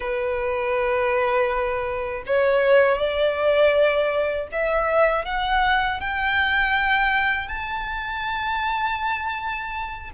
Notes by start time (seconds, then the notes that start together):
0.00 B4
2.26 C#5
2.98 D5
4.52 E5
5.25 F#5
6.00 G5
7.48 A5